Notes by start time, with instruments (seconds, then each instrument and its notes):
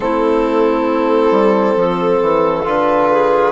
0.00 bassoon A3, trombone C4, clarinet E4, violin A4
1.31 bassoon G3
1.76 bassoon F3, clarinet A4
2.21 bassoon E3
2.64 bassoon D3, trombone F4, violin B4
3.11 clarinet G#4